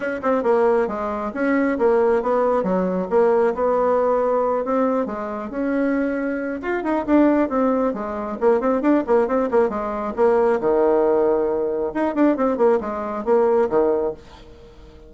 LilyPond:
\new Staff \with { instrumentName = "bassoon" } { \time 4/4 \tempo 4 = 136 cis'8 c'8 ais4 gis4 cis'4 | ais4 b4 fis4 ais4 | b2~ b8 c'4 gis8~ | gis8 cis'2~ cis'8 f'8 dis'8 |
d'4 c'4 gis4 ais8 c'8 | d'8 ais8 c'8 ais8 gis4 ais4 | dis2. dis'8 d'8 | c'8 ais8 gis4 ais4 dis4 | }